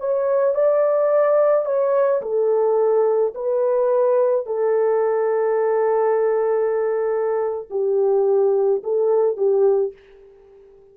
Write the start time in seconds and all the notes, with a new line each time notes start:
0.00 C#5
0.55 D5
1.66 C#5
2.22 A4
3.35 B4
4.47 A4
7.71 G4
8.84 A4
9.37 G4